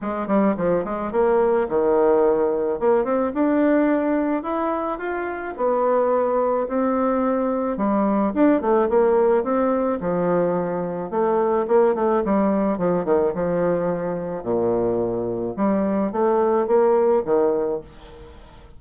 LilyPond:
\new Staff \with { instrumentName = "bassoon" } { \time 4/4 \tempo 4 = 108 gis8 g8 f8 gis8 ais4 dis4~ | dis4 ais8 c'8 d'2 | e'4 f'4 b2 | c'2 g4 d'8 a8 |
ais4 c'4 f2 | a4 ais8 a8 g4 f8 dis8 | f2 ais,2 | g4 a4 ais4 dis4 | }